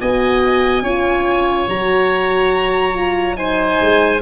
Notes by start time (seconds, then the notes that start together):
0.00 B3 F#4 D#5 G#5
0.82 C#4 F4 C#5
1.68 F#3 F#4 A#5
2.94 F4
3.36 D#4 C5 G#5
3.80 G#3